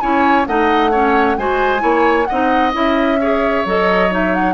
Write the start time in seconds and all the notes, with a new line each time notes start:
0.00 C#4 E4 C#5 G#5
0.47 A3 D#4 D#5 F#5
0.91 C#4 C#5
1.37 G#3 F#4 C5 G#5
1.79 A#3 E4 C#5
2.25 C4 D#5 F#5
2.31 D#4
2.73 C#4 E4 E5
3.20 G#4 C#5
3.65 F#3 A4 D#5
4.10 D#4 E5
4.34 F#5